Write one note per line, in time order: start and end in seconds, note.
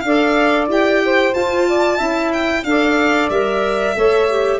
0.00 0.68 D4
0.00 0.69 A4
0.00 1.03 D5
0.00 0.65 F5
0.68 1.33 E4
0.68 1.33 G4
0.68 1.34 G5
1.05 1.68 C5
1.33 1.99 F4
1.33 2.00 F4
1.33 2.32 A5
1.68 1.98 D5
1.98 2.64 C#4
1.98 2.64 E4
1.98 2.63 E5
2.33 2.64 G5
2.64 3.29 D4
2.64 3.32 A4
2.64 3.96 D5
2.64 3.29 F5
3.30 3.95 G3
3.30 3.95 A#4
3.30 4.60 E5
3.95 4.60 A3
3.95 4.28 A4
3.95 4.60 C#5
4.30 4.60 G4